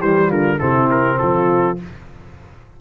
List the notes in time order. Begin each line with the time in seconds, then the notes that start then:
0.00 E3 G3 G4 C5
0.28 D3 F4 A#4
0.59 C3 C4 E4 A4
0.91 A#4
1.19 F3 F4 A4